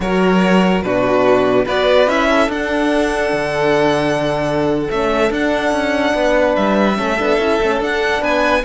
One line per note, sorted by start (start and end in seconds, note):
0.00 0.82 F#3
0.00 0.84 F#4
0.00 0.85 A#4
0.00 0.81 C#5
0.81 1.66 B2
0.81 1.67 D4
0.81 1.65 F#4
0.81 1.65 B4
1.65 2.07 B3
1.65 2.07 F#4
1.65 2.27 B4
1.65 2.09 D5
2.07 2.48 C#4
2.07 2.48 E4
2.07 2.50 E5
2.30 6.14 A4
2.48 3.31 D4
2.48 4.89 D4
2.48 4.90 F#5
3.32 4.88 D3
4.90 5.30 A3
4.90 5.30 C#4
4.90 5.32 E5
5.30 5.71 D4
5.30 6.94 D4
5.30 6.55 F#5
5.71 6.13 C#4
6.14 6.56 B3
6.14 6.97 B4
6.55 6.98 G3
6.55 7.80 E5
6.94 7.19 A3
6.94 7.15 C#4
6.94 8.20 A4
7.18 7.39 B3
7.18 7.39 D4
7.39 7.59 C#4
7.39 7.60 E4
7.60 7.80 A3
7.60 7.80 C#4
7.80 8.64 D4
7.80 8.22 D4
7.80 8.23 F#5
8.20 8.64 B3
8.20 8.62 B4
8.20 8.64 G#5